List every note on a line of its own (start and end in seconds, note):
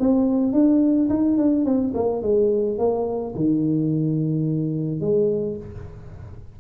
0.00 0.53 C4
0.53 1.09 D4
1.10 1.38 D#4
1.38 1.65 D4
1.65 1.93 C4
1.94 2.23 A#3
2.23 2.79 G#3
2.79 3.35 A#3
3.35 5.01 D#3
5.01 5.57 G#3